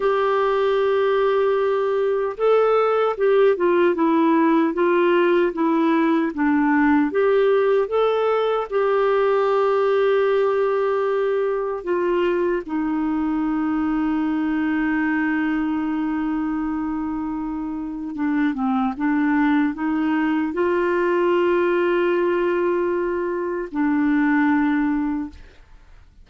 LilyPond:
\new Staff \with { instrumentName = "clarinet" } { \time 4/4 \tempo 4 = 76 g'2. a'4 | g'8 f'8 e'4 f'4 e'4 | d'4 g'4 a'4 g'4~ | g'2. f'4 |
dis'1~ | dis'2. d'8 c'8 | d'4 dis'4 f'2~ | f'2 d'2 | }